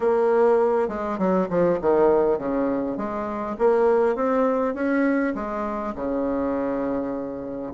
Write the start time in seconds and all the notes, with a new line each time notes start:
0.00 A#3
0.88 G#3
1.18 F#3
1.49 F3
1.81 D#3
2.38 C#3
2.97 G#3
3.58 A#3
4.15 C4
4.74 C#4
5.34 G#3
5.95 C#3